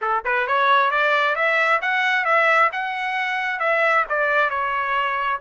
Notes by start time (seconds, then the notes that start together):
0.01 A4
0.24 B4
0.47 C#5
0.90 D5
1.35 E5
1.81 F#5
2.24 E5
2.72 F#5
3.59 E5
4.09 D5
4.49 C#5